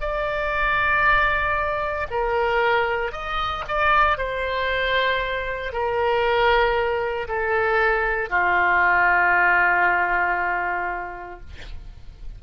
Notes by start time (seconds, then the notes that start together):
0.00 D5
2.11 A#4
3.12 D#5
3.68 D5
4.18 C5
5.72 A#4
7.28 A4
8.30 F4